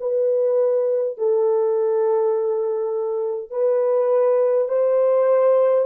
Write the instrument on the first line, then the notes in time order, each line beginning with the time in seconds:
horn
0.00 B4
1.17 A4
3.50 B4
4.68 C5